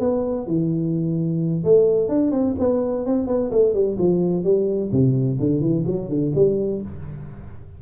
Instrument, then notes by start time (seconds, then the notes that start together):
tuba
0.00 B3
0.47 E3
1.65 A3
2.09 D4
2.32 C4
2.59 B3
3.06 C4
3.27 B3
3.52 A3
3.74 G3
3.99 F3
4.44 G3
4.92 C3
5.40 D3
5.61 E3
5.87 F#3
6.09 D3
6.35 G3